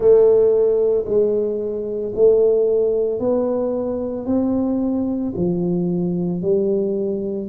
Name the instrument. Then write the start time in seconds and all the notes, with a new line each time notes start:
tuba
0.00 A3
1.05 G#3
2.15 A3
3.19 B3
4.26 C4
5.36 F3
6.42 G3